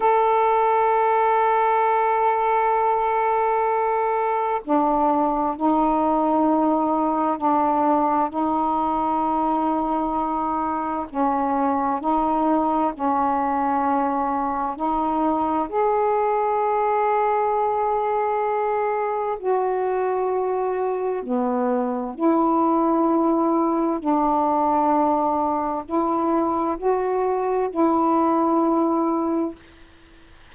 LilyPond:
\new Staff \with { instrumentName = "saxophone" } { \time 4/4 \tempo 4 = 65 a'1~ | a'4 d'4 dis'2 | d'4 dis'2. | cis'4 dis'4 cis'2 |
dis'4 gis'2.~ | gis'4 fis'2 b4 | e'2 d'2 | e'4 fis'4 e'2 | }